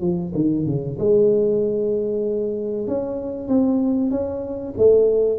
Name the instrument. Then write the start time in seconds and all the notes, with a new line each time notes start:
tuba
0.00 F3
0.34 D#3
0.66 C#3
0.98 G#3
2.87 C#4
3.48 C4
4.10 C#4
4.77 A3